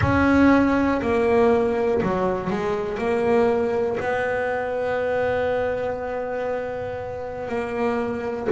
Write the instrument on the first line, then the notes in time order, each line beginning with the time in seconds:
double bass
0.00 C#4
1.01 A#3
2.02 F#3
2.50 G#3
2.97 A#3
4.00 B3
7.48 A#3